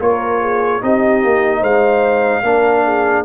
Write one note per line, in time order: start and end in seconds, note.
0.00 0.81 A#3
0.00 0.81 F4
0.00 0.41 A#4
0.00 0.82 C#5
0.41 0.82 G#4
0.81 1.24 C4
0.81 2.43 D#4
0.81 1.60 G4
0.81 1.63 D#5
1.24 1.62 A#3
1.60 2.43 G#3
1.60 2.41 C5
1.60 3.24 F5
2.43 3.24 A#3
2.43 3.24 D4
2.43 2.84 A#4
2.84 3.24 G#4